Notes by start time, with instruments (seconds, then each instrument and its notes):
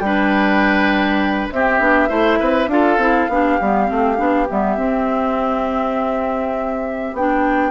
0.00 bassoon G3, clarinet D4, oboe B4, flute G5
1.52 bassoon C4, clarinet C4, oboe G4, flute E5
1.80 bassoon B3, clarinet D4
2.09 bassoon A3, clarinet E4, oboe C5
2.39 bassoon C4, oboe B4
2.68 bassoon D4, clarinet F4, oboe A4, flute F5
2.98 bassoon C4, clarinet E4
3.29 bassoon B3, clarinet D4, oboe G4
3.61 bassoon G3, clarinet B3
3.87 bassoon A3, clarinet C4
4.17 bassoon B3, clarinet D4
4.49 bassoon G3, clarinet B3, flute E5
4.77 bassoon C4, clarinet C4
7.13 bassoon B3, clarinet D4, flute G5